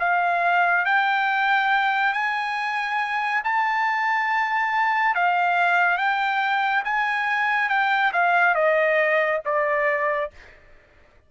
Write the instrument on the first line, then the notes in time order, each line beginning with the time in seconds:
trumpet
0.00 F5
0.86 G5
2.14 G#5
3.44 A5
5.15 F5
5.98 G5
6.85 G#5
7.69 G5
8.13 F5
8.55 D#5
9.46 D5